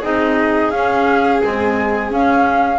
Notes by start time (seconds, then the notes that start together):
0.00 C4 D#4 G#4 D#5
0.71 C#4 F5
1.41 G#3 C4 G#5
2.10 C#4 F5